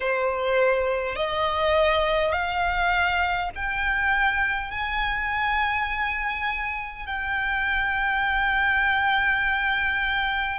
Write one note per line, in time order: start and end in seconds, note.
0.00 1.15 C5
1.15 2.32 D#5
2.32 3.50 F5
3.55 4.71 G5
4.71 7.06 G#5
7.06 10.59 G5